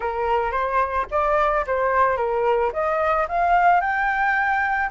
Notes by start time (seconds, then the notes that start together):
0.00 A#4
0.51 C5
1.11 D5
1.66 C5
2.17 A#4
2.72 D#5
3.28 F5
3.80 G5